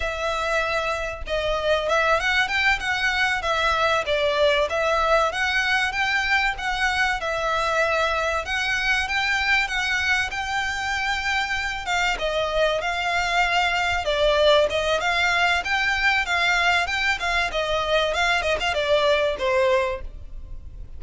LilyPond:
\new Staff \with { instrumentName = "violin" } { \time 4/4 \tempo 4 = 96 e''2 dis''4 e''8 fis''8 | g''8 fis''4 e''4 d''4 e''8~ | e''8 fis''4 g''4 fis''4 e''8~ | e''4. fis''4 g''4 fis''8~ |
fis''8 g''2~ g''8 f''8 dis''8~ | dis''8 f''2 d''4 dis''8 | f''4 g''4 f''4 g''8 f''8 | dis''4 f''8 dis''16 f''16 d''4 c''4 | }